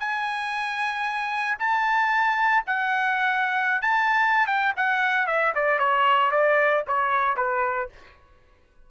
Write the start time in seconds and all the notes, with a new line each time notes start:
0.00 G#5
1.59 A5
2.67 F#5
3.82 A5
4.47 G5
4.77 F#5
5.27 E5
5.55 D5
5.79 C#5
6.32 D5
6.88 C#5
7.37 B4